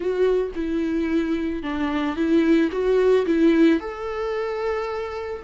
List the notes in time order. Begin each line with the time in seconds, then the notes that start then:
0.00 F#4
0.55 E4
1.62 D4
2.16 E4
2.71 F#4
3.26 E4
3.80 A4